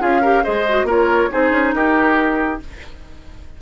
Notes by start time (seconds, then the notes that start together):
0.00 C#4 F4 G#4 F5
0.21 G4 A#4
0.43 G#3 G#4 C5 D#5
0.69 F#4
0.84 A#3 F4 A#4 C#5
1.30 C4 D#4 G#4 C5
1.52 C#4
1.74 D#4 G4 A#4